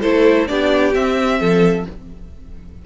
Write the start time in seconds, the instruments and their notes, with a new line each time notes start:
0.00 cello A3, viola E4, violin A4 C5
0.47 cello B3, viola D4, violin G4 D5
0.94 viola C4, cello C4, violin E5
1.39 cello F3, violin A4